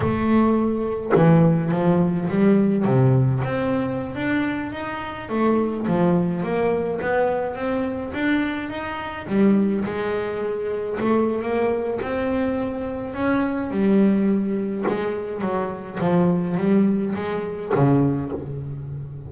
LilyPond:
\new Staff \with { instrumentName = "double bass" } { \time 4/4 \tempo 4 = 105 a2 e4 f4 | g4 c4 c'4~ c'16 d'8.~ | d'16 dis'4 a4 f4 ais8.~ | ais16 b4 c'4 d'4 dis'8.~ |
dis'16 g4 gis2 a8. | ais4 c'2 cis'4 | g2 gis4 fis4 | f4 g4 gis4 cis4 | }